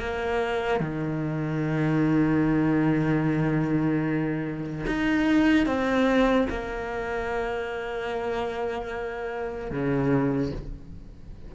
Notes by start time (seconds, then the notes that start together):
0.00 A#3
0.80 D#3
4.87 D#4
5.66 C4
6.50 A#3
9.71 C#3